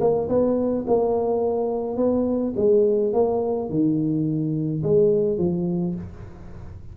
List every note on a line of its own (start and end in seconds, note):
0.00 0.28 A#3
0.29 0.85 B3
0.87 1.97 A#3
1.97 2.53 B3
2.57 3.13 G#3
3.13 3.70 A#3
3.70 4.83 D#3
4.83 5.38 G#3
5.38 5.95 F3